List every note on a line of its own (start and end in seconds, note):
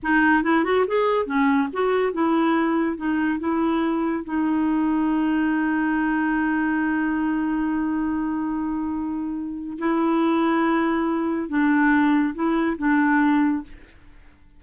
0.02 0.43 D#4
0.43 0.64 E4
0.64 0.85 F#4
0.87 1.26 G#4
1.26 1.68 C#4
1.72 2.12 F#4
2.12 2.97 E4
2.97 3.39 D#4
3.39 4.24 E4
4.24 9.77 D#4
9.78 11.48 E4
11.48 12.33 D4
12.34 12.76 E4
12.78 13.63 D4